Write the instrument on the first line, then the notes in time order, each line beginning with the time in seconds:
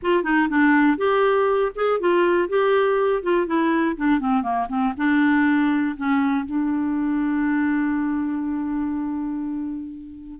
clarinet
0.02 F4
0.23 D#4
0.49 D4
0.97 G4
1.75 G#4
2.00 F4
2.48 G4
3.22 F4
3.46 E4
3.96 D4
4.20 C4
4.42 A#3
4.69 C4
4.97 D4
5.97 C#4
6.45 D4